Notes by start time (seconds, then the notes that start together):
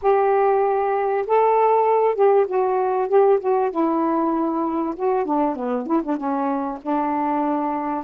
0.02 G4
1.27 A4
2.15 G4
2.47 F#4
3.08 G4
3.40 F#4
3.71 E4
4.95 F#4
5.25 D4
5.55 B3
5.86 E4
6.03 D4
6.17 C#4
6.82 D4